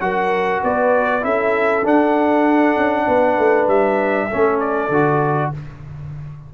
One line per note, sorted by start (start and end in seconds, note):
0.00 0.61 F#3
0.00 1.21 F#4
0.00 0.63 A#4
0.00 0.61 F#5
0.63 1.24 B3
0.63 1.24 B4
0.63 1.24 D5
1.21 1.84 C#4
1.21 1.82 E4
1.21 3.06 A4
1.21 1.85 E5
1.84 4.29 D4
1.84 2.76 D4
1.84 3.68 F#5
2.76 3.07 C#4
3.06 3.38 B3
3.06 4.28 B4
3.38 3.67 A3
3.67 4.29 G3
3.67 4.59 E5
4.28 4.89 A3
4.28 4.91 C#4
4.28 5.50 A4
4.59 5.51 D5
4.89 5.50 D3
4.89 5.53 F#4